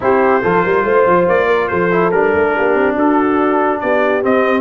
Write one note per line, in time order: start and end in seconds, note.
0.00 0.43 C4
0.00 0.42 E4
0.00 0.43 G4
0.00 1.28 C5
0.43 0.65 F3
0.43 1.91 F4
0.43 0.62 A4
0.62 0.84 G3
0.62 0.83 A#4
0.84 1.05 A3
0.84 1.46 C5
1.06 1.27 F3
1.28 1.71 A#3
1.28 1.68 D5
1.46 1.67 A#4
1.68 2.12 F3
1.68 2.53 A4
1.68 2.10 C5
1.91 2.12 E4
2.11 2.33 G3
2.11 4.22 D4
2.11 2.95 A#4
2.34 2.55 A3
2.55 2.75 A#3
2.55 2.94 G4
2.75 2.96 C4
2.94 3.80 D4
2.94 3.79 F#4
2.94 3.80 A4
3.80 4.24 B3
3.80 4.60 G4
3.80 4.22 D5
4.22 4.60 C4
4.22 4.60 D#5